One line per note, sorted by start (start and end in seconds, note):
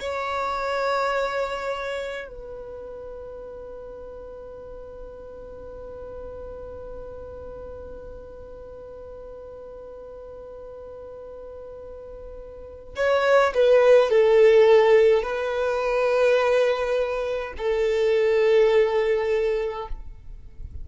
0.00 2.28 C#5
2.28 12.95 B4
12.95 13.53 C#5
13.54 14.10 B4
14.10 15.23 A4
15.23 17.53 B4
17.58 19.88 A4